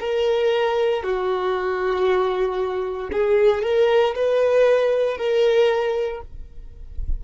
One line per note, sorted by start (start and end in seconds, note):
0.00 1.03 A#4
1.03 3.10 F#4
3.12 3.63 G#4
3.63 4.15 A#4
4.15 5.18 B4
5.18 6.21 A#4